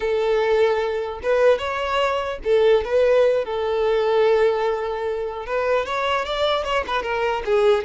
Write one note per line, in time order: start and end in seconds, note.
0.00 1.20 A4
1.23 1.58 B4
1.58 2.38 C#5
2.44 2.84 A4
2.84 3.44 B4
3.44 5.46 A4
5.46 5.85 B4
5.85 6.25 C#5
6.25 6.64 D5
6.64 6.84 C#5
6.87 7.02 B4
7.02 7.42 A#4
7.45 7.84 G#4